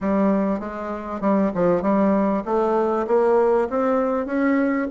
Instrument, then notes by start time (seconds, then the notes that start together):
bassoon
0.00 G3
0.59 G#3
1.21 G3
1.54 F3
1.82 G3
2.45 A3
3.07 A#3
3.69 C4
4.26 C#4